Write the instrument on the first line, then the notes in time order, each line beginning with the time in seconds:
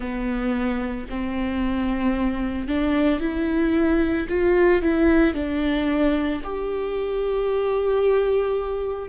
viola
0.00 B3
1.10 C4
2.67 D4
3.19 E4
4.29 F4
4.82 E4
5.33 D4
6.43 G4